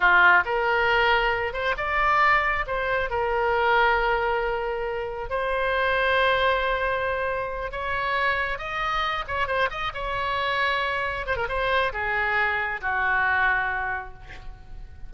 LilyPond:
\new Staff \with { instrumentName = "oboe" } { \time 4/4 \tempo 4 = 136 f'4 ais'2~ ais'8 c''8 | d''2 c''4 ais'4~ | ais'1 | c''1~ |
c''4. cis''2 dis''8~ | dis''4 cis''8 c''8 dis''8 cis''4.~ | cis''4. c''16 ais'16 c''4 gis'4~ | gis'4 fis'2. | }